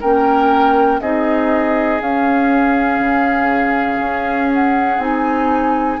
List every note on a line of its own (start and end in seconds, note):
0.00 1.00 A#3
0.00 1.01 C#4
0.00 1.00 A#4
0.00 1.00 G5
1.00 2.00 C4
1.00 2.00 D#4
1.00 6.00 G#4
1.00 2.00 D#5
2.00 4.98 C#4
2.00 2.99 C#4
2.00 4.51 F5
2.99 3.99 C#3
3.99 4.98 C#4
4.53 5.00 F#5
4.98 5.98 C4
4.98 5.98 D#4
4.98 6.00 G#5